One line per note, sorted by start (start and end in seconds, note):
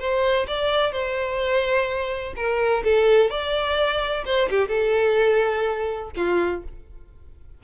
0.00 0.47 C5
0.48 0.93 D5
0.93 2.34 C5
2.37 2.84 A#4
2.85 3.31 A4
3.31 4.25 D5
4.26 4.50 C5
4.51 4.69 G4
4.69 6.11 A4
6.17 6.64 F4